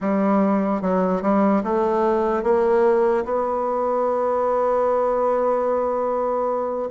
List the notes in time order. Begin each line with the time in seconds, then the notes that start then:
0.00 G3
0.81 F#3
1.22 G3
1.63 A3
2.43 A#3
3.24 B3